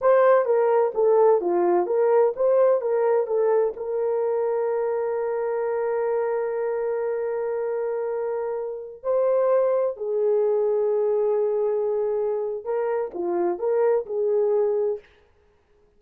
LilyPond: \new Staff \with { instrumentName = "horn" } { \time 4/4 \tempo 4 = 128 c''4 ais'4 a'4 f'4 | ais'4 c''4 ais'4 a'4 | ais'1~ | ais'1~ |
ais'2.~ ais'16 c''8.~ | c''4~ c''16 gis'2~ gis'8.~ | gis'2. ais'4 | f'4 ais'4 gis'2 | }